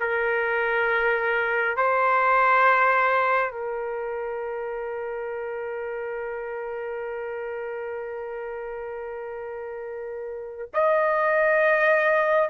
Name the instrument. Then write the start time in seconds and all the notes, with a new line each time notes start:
trumpet
0.00 A#4
1.76 C5
3.51 A#4
10.73 D#5